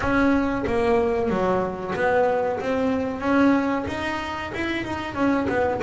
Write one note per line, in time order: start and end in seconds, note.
0.00 0.64 C#4
0.67 1.29 A#3
1.29 1.94 F#3
1.95 2.59 B3
2.60 3.20 C4
3.20 3.84 C#4
3.87 4.52 D#4
4.54 4.84 E4
4.84 5.14 D#4
5.14 5.46 C#4
5.48 5.81 B3